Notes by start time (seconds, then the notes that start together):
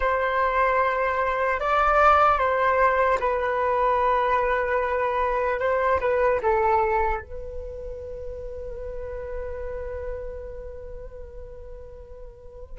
0.00 C5
1.60 D5
2.38 C5
3.20 B4
5.59 C5
6.00 B4
6.42 A4
7.20 B4